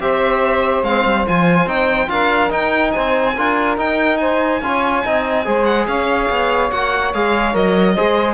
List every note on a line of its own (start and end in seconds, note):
0.00 0.83 C4
0.00 0.84 G4
0.00 2.10 C5
0.00 0.84 E5
0.83 1.04 G#3
0.83 1.27 C4
0.83 1.26 F5
1.05 1.26 G3
1.27 1.66 F3
1.27 1.68 F4
1.27 1.69 G#5
1.66 2.08 C4
1.66 2.08 D#4
1.66 2.09 G5
2.08 2.51 D4
2.08 2.49 F4
2.08 2.94 A#4
2.08 2.51 F5
2.49 3.33 D#4
2.49 2.93 D#4
2.49 2.91 G5
2.91 3.37 C4
2.91 3.35 C5
2.91 3.75 G#5
3.35 3.78 D4
3.35 3.78 F4
3.35 4.19 A#4
3.78 4.62 D#4
3.78 4.61 D#4
3.78 4.17 G5
4.17 4.62 C5
4.17 5.64 G#5
4.61 5.03 C#4
4.61 5.05 F4
4.61 5.04 C#5
5.04 5.46 C4
5.04 5.45 D#4
5.04 5.45 D#5
5.45 5.87 G#3
5.45 6.71 G#4
5.45 5.87 C5
5.65 5.86 F#5
5.87 6.29 C#4
5.87 7.94 C#5
5.87 6.71 F5
6.29 6.71 B3
6.71 7.14 A#3
6.71 7.13 F#4
6.71 7.13 F#5
7.14 7.55 G#3
7.14 7.53 G#4
7.14 7.56 F5
7.53 7.97 F#3
7.53 7.95 A#4
7.53 8.34 D#5
7.94 8.34 G#3
7.94 8.34 G#4
7.94 8.34 C5